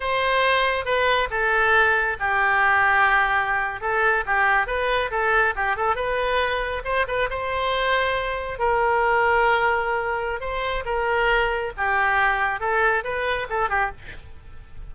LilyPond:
\new Staff \with { instrumentName = "oboe" } { \time 4/4 \tempo 4 = 138 c''2 b'4 a'4~ | a'4 g'2.~ | g'8. a'4 g'4 b'4 a'16~ | a'8. g'8 a'8 b'2 c''16~ |
c''16 b'8 c''2. ais'16~ | ais'1 | c''4 ais'2 g'4~ | g'4 a'4 b'4 a'8 g'8 | }